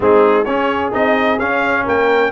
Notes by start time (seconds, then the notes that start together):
0.00 G#3 C4 D#4 G#4
0.45 C#4 G#4 C#5
0.91 C4 D#4 D#5
1.39 C#4 F5
1.83 A#3 A#4 G5